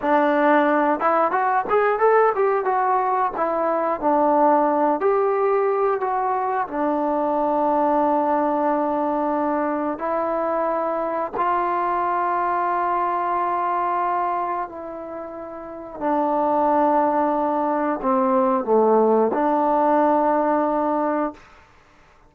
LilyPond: \new Staff \with { instrumentName = "trombone" } { \time 4/4 \tempo 4 = 90 d'4. e'8 fis'8 gis'8 a'8 g'8 | fis'4 e'4 d'4. g'8~ | g'4 fis'4 d'2~ | d'2. e'4~ |
e'4 f'2.~ | f'2 e'2 | d'2. c'4 | a4 d'2. | }